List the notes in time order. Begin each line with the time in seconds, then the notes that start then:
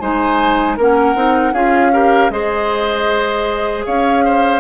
0.00 G#3 D#4 C5 G#5
0.77 A#3 C#4 A#4 F#5
1.16 C4 D#4
1.53 C#4 F4 G#4 F5
1.93 G4 A#4
2.30 G#3 G#4 C5 D#5
3.85 C#4 C#5 F5
4.25 C5